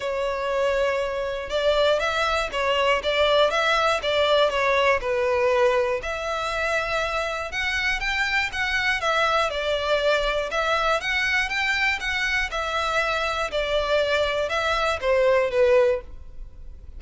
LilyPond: \new Staff \with { instrumentName = "violin" } { \time 4/4 \tempo 4 = 120 cis''2. d''4 | e''4 cis''4 d''4 e''4 | d''4 cis''4 b'2 | e''2. fis''4 |
g''4 fis''4 e''4 d''4~ | d''4 e''4 fis''4 g''4 | fis''4 e''2 d''4~ | d''4 e''4 c''4 b'4 | }